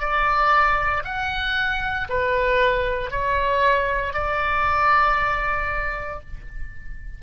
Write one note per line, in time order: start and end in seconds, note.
0.00 1.03 D5
1.05 2.08 F#5
2.10 3.11 B4
3.11 4.14 C#5
4.14 6.21 D5